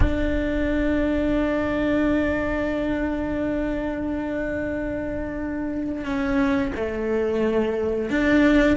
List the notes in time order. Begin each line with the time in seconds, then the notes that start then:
0.00 D4
6.04 C#4
6.75 A3
8.10 D4